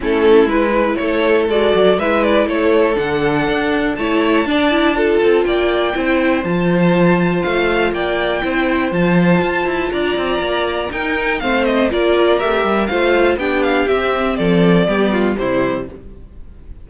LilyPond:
<<
  \new Staff \with { instrumentName = "violin" } { \time 4/4 \tempo 4 = 121 a'4 b'4 cis''4 d''4 | e''8 d''8 cis''4 fis''2 | a''2. g''4~ | g''4 a''2 f''4 |
g''2 a''2 | ais''2 g''4 f''8 dis''8 | d''4 e''4 f''4 g''8 f''8 | e''4 d''2 c''4 | }
  \new Staff \with { instrumentName = "violin" } { \time 4/4 e'2 a'2 | b'4 a'2. | cis''4 d''4 a'4 d''4 | c''1 |
d''4 c''2. | d''2 ais'4 c''4 | ais'2 c''4 g'4~ | g'4 a'4 g'8 f'8 e'4 | }
  \new Staff \with { instrumentName = "viola" } { \time 4/4 cis'4 e'2 fis'4 | e'2 d'2 | e'4 d'8 e'8 f'2 | e'4 f'2.~ |
f'4 e'4 f'2~ | f'2 dis'4 c'4 | f'4 g'4 f'4 d'4 | c'2 b4 g4 | }
  \new Staff \with { instrumentName = "cello" } { \time 4/4 a4 gis4 a4 gis8 fis8 | gis4 a4 d4 d'4 | a4 d'4. c'8 ais4 | c'4 f2 a4 |
ais4 c'4 f4 f'8 e'8 | d'8 c'8 ais4 dis'4 a4 | ais4 a8 g8 a4 b4 | c'4 f4 g4 c4 | }
>>